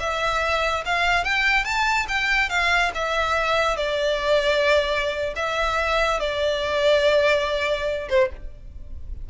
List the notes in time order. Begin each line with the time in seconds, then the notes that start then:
0.00 E5
0.85 F5
1.24 G5
1.64 A5
2.08 G5
2.49 F5
2.95 E5
3.76 D5
5.36 E5
6.20 D5
8.09 C5